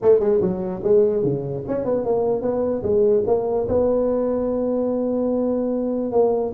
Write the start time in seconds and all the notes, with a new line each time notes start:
0.02 A3
0.19 G#3
0.41 F#3
0.83 G#3
1.23 C#3
1.67 C#4
1.84 B3
2.04 A#3
2.41 B3
2.83 G#3
3.27 A#3
3.68 B3
6.12 A#3